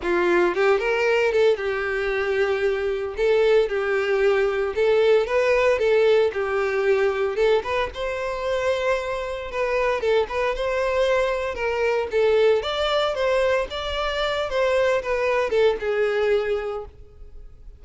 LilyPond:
\new Staff \with { instrumentName = "violin" } { \time 4/4 \tempo 4 = 114 f'4 g'8 ais'4 a'8 g'4~ | g'2 a'4 g'4~ | g'4 a'4 b'4 a'4 | g'2 a'8 b'8 c''4~ |
c''2 b'4 a'8 b'8 | c''2 ais'4 a'4 | d''4 c''4 d''4. c''8~ | c''8 b'4 a'8 gis'2 | }